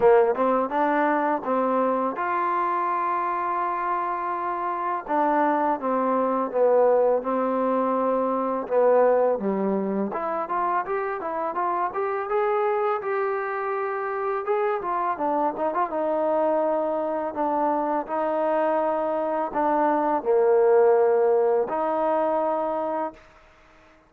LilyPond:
\new Staff \with { instrumentName = "trombone" } { \time 4/4 \tempo 4 = 83 ais8 c'8 d'4 c'4 f'4~ | f'2. d'4 | c'4 b4 c'2 | b4 g4 e'8 f'8 g'8 e'8 |
f'8 g'8 gis'4 g'2 | gis'8 f'8 d'8 dis'16 f'16 dis'2 | d'4 dis'2 d'4 | ais2 dis'2 | }